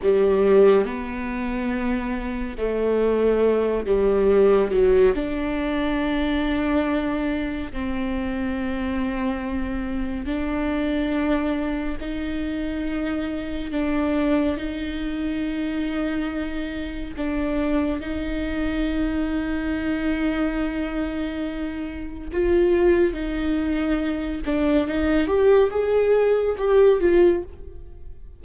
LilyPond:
\new Staff \with { instrumentName = "viola" } { \time 4/4 \tempo 4 = 70 g4 b2 a4~ | a8 g4 fis8 d'2~ | d'4 c'2. | d'2 dis'2 |
d'4 dis'2. | d'4 dis'2.~ | dis'2 f'4 dis'4~ | dis'8 d'8 dis'8 g'8 gis'4 g'8 f'8 | }